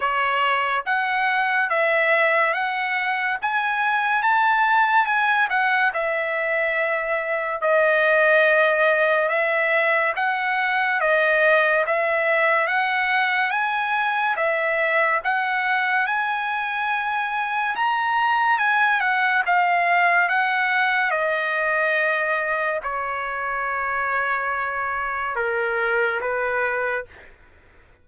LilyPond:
\new Staff \with { instrumentName = "trumpet" } { \time 4/4 \tempo 4 = 71 cis''4 fis''4 e''4 fis''4 | gis''4 a''4 gis''8 fis''8 e''4~ | e''4 dis''2 e''4 | fis''4 dis''4 e''4 fis''4 |
gis''4 e''4 fis''4 gis''4~ | gis''4 ais''4 gis''8 fis''8 f''4 | fis''4 dis''2 cis''4~ | cis''2 ais'4 b'4 | }